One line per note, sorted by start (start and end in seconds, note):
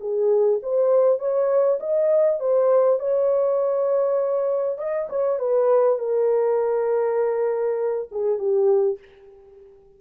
0.00 0.60 G#4
0.62 1.19 C5
1.19 1.79 C#5
1.79 2.39 D#5
2.39 2.99 C5
2.99 4.78 C#5
4.78 5.08 D#5
5.09 5.39 C#5
5.39 5.98 B4
5.98 8.08 A#4
8.11 8.38 G#4
8.38 8.98 G4